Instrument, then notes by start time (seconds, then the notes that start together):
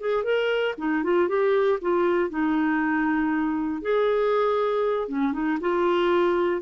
clarinet
0.00 G#4
0.24 A#4
0.78 D#4
1.03 F4
1.28 G4
1.81 F4
2.29 D#4
3.82 G#4
5.08 C#4
5.32 D#4
5.60 F4